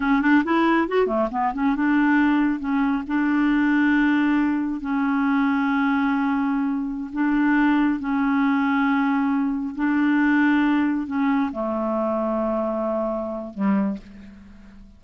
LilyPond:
\new Staff \with { instrumentName = "clarinet" } { \time 4/4 \tempo 4 = 137 cis'8 d'8 e'4 fis'8 a8 b8 cis'8 | d'2 cis'4 d'4~ | d'2. cis'4~ | cis'1~ |
cis'16 d'2 cis'4.~ cis'16~ | cis'2~ cis'16 d'4.~ d'16~ | d'4~ d'16 cis'4 a4.~ a16~ | a2. g4 | }